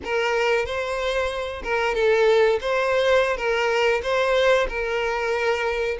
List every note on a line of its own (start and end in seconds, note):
0.04 0.65 A#4
0.65 1.62 C5
1.63 1.94 A#4
1.94 2.59 A4
2.60 3.36 C5
3.36 4.01 A#4
4.02 4.67 C5
4.68 5.97 A#4